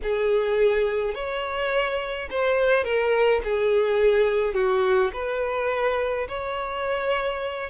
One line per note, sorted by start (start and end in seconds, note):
0.02 1.14 G#4
1.14 2.29 C#5
2.30 2.84 C5
2.84 3.41 A#4
3.44 4.54 G#4
4.54 5.11 F#4
5.13 6.27 B4
6.28 7.70 C#5